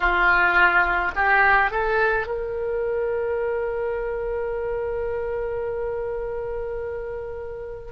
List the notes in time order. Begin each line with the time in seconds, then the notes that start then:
0.00 F4
1.15 G4
1.70 A4
2.26 A#4